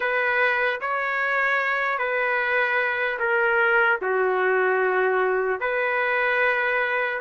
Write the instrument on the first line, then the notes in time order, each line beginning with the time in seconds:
trumpet
0.00 B4
0.80 C#5
1.98 B4
3.19 A#4
4.01 F#4
5.60 B4